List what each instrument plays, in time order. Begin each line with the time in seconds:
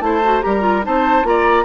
0.00 bassoon A3, clarinet E4, oboe C5, flute A5
0.24 clarinet F#4
0.41 bassoon G3, clarinet G4, oboe A#4, flute A#5
0.60 clarinet F4
0.84 bassoon C4, clarinet D#4, oboe C5, flute A5
1.23 bassoon A#3, clarinet F4, oboe D5, flute A#5